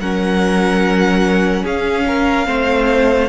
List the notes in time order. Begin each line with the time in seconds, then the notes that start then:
0.00 F#3 C#4 A#4 F#5
1.64 C#4 G#4 F5
2.07 A#4
2.45 A3 C4 C5